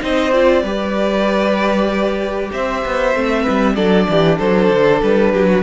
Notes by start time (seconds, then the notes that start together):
0.00 C4 D#4 C5 D#5
0.33 F4 D5
0.63 G3 G4 B4
2.52 C4 C5 E5
2.85 B3
3.15 A3 C4
3.43 B4
3.49 G3
3.75 F#3 D4 A4 D5
4.09 E3 G4
4.39 F#3 A4 C5
4.71 D3
5.03 G3 B4
5.33 F#3 G4
5.46 F#4